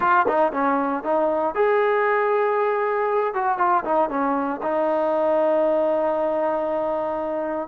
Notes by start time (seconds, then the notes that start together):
0.00 F4
0.28 D#4
0.52 C#4
1.03 D#4
1.55 G#4
3.34 F#4
3.58 F4
3.84 D#4
4.09 C#4
4.62 D#4